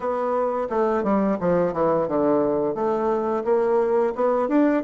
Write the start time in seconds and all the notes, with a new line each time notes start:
0.00 B3
0.69 A3
1.03 G3
1.40 F3
1.73 E3
2.08 D3
2.74 A3
3.44 A#3
4.15 B3
4.48 D4